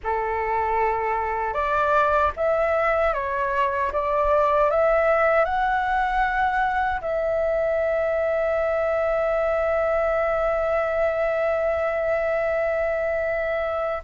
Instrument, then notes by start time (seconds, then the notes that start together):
flute
0.03 A4
1.53 D5
2.36 E5
3.13 C#5
3.92 D5
4.70 E5
5.44 F#5
7.01 E5